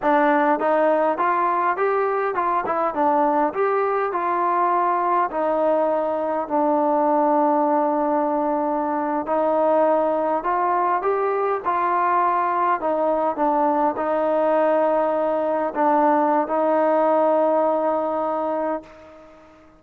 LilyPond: \new Staff \with { instrumentName = "trombone" } { \time 4/4 \tempo 4 = 102 d'4 dis'4 f'4 g'4 | f'8 e'8 d'4 g'4 f'4~ | f'4 dis'2 d'4~ | d'2.~ d'8. dis'16~ |
dis'4.~ dis'16 f'4 g'4 f'16~ | f'4.~ f'16 dis'4 d'4 dis'16~ | dis'2~ dis'8. d'4~ d'16 | dis'1 | }